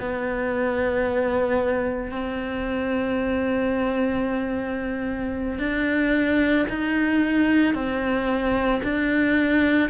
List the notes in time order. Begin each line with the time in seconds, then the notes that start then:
0.00 B3
2.11 C4
5.59 D4
6.70 D#4
7.74 C4
8.83 D4